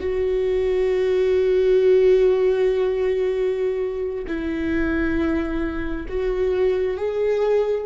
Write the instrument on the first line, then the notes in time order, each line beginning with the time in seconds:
viola
0.00 F#4
4.27 E4
6.09 F#4
6.98 G#4